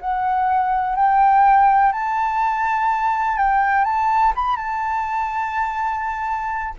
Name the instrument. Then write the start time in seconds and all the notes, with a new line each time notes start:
flute
0.00 F#5
0.95 G5
1.92 A5
3.37 G5
3.84 A5
4.35 B5
4.56 A5